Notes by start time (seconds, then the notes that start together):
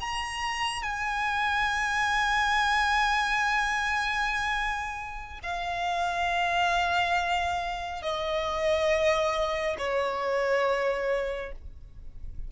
0.00 A#5
0.83 G#5
5.43 F5
8.02 D#5
9.78 C#5